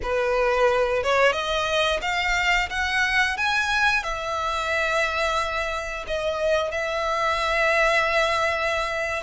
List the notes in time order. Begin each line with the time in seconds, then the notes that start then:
0.02 B4
1.03 C#5
1.32 D#5
2.01 F5
2.69 F#5
3.37 G#5
4.03 E5
6.07 D#5
6.71 E5